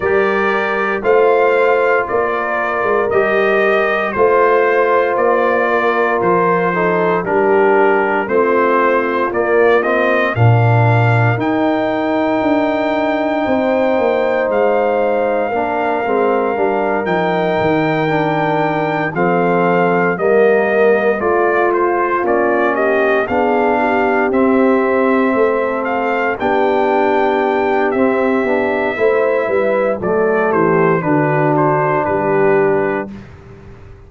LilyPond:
<<
  \new Staff \with { instrumentName = "trumpet" } { \time 4/4 \tempo 4 = 58 d''4 f''4 d''4 dis''4 | c''4 d''4 c''4 ais'4 | c''4 d''8 dis''8 f''4 g''4~ | g''2 f''2~ |
f''8 g''2 f''4 dis''8~ | dis''8 d''8 c''8 d''8 dis''8 f''4 e''8~ | e''4 f''8 g''4. e''4~ | e''4 d''8 c''8 b'8 c''8 b'4 | }
  \new Staff \with { instrumentName = "horn" } { \time 4/4 ais'4 c''4 ais'2 | c''4. ais'4 a'8 g'4 | f'2 ais'2~ | ais'4 c''2 ais'4~ |
ais'2~ ais'8 a'4 ais'8~ | ais'8 f'4. g'8 gis'8 g'4~ | g'8 a'4 g'2~ g'8 | c''8 b'8 a'8 g'8 fis'4 g'4 | }
  \new Staff \with { instrumentName = "trombone" } { \time 4/4 g'4 f'2 g'4 | f'2~ f'8 dis'8 d'4 | c'4 ais8 c'8 d'4 dis'4~ | dis'2. d'8 c'8 |
d'8 dis'4 d'4 c'4 ais8~ | ais8 f'4 cis'4 d'4 c'8~ | c'4. d'4. c'8 d'8 | e'4 a4 d'2 | }
  \new Staff \with { instrumentName = "tuba" } { \time 4/4 g4 a4 ais8. gis16 g4 | a4 ais4 f4 g4 | a4 ais4 ais,4 dis'4 | d'4 c'8 ais8 gis4 ais8 gis8 |
g8 f8 dis4. f4 g8~ | g8 a4 ais4 b4 c'8~ | c'8 a4 b4. c'8 b8 | a8 g8 fis8 e8 d4 g4 | }
>>